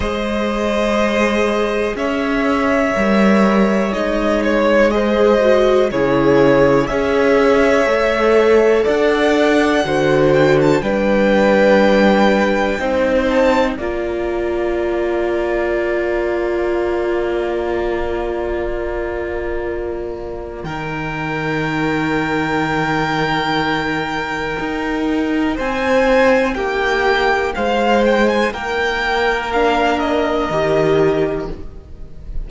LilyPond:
<<
  \new Staff \with { instrumentName = "violin" } { \time 4/4 \tempo 4 = 61 dis''2 e''2 | dis''8 cis''8 dis''4 cis''4 e''4~ | e''4 fis''4. g''16 a''16 g''4~ | g''4. a''8 ais''2~ |
ais''1~ | ais''4 g''2.~ | g''2 gis''4 g''4 | f''8 g''16 gis''16 g''4 f''8 dis''4. | }
  \new Staff \with { instrumentName = "violin" } { \time 4/4 c''2 cis''2~ | cis''4 c''4 gis'4 cis''4~ | cis''4 d''4 c''4 b'4~ | b'4 c''4 d''2~ |
d''1~ | d''4 ais'2.~ | ais'2 c''4 g'4 | c''4 ais'2. | }
  \new Staff \with { instrumentName = "viola" } { \time 4/4 gis'2. ais'4 | dis'4 gis'8 fis'8 e'4 gis'4 | a'2 fis'4 d'4~ | d'4 dis'4 f'2~ |
f'1~ | f'4 dis'2.~ | dis'1~ | dis'2 d'4 g'4 | }
  \new Staff \with { instrumentName = "cello" } { \time 4/4 gis2 cis'4 g4 | gis2 cis4 cis'4 | a4 d'4 d4 g4~ | g4 c'4 ais2~ |
ais1~ | ais4 dis2.~ | dis4 dis'4 c'4 ais4 | gis4 ais2 dis4 | }
>>